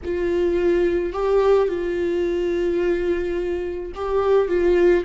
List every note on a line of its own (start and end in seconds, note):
0.04 1.12 F4
1.12 1.68 G4
1.68 3.92 F4
3.95 4.48 G4
4.48 5.04 F4